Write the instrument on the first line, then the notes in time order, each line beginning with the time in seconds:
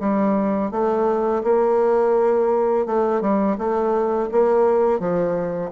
bassoon
0.00 G3
0.71 A3
1.43 A#3
2.86 A3
3.21 G3
3.58 A3
4.31 A#3
4.99 F3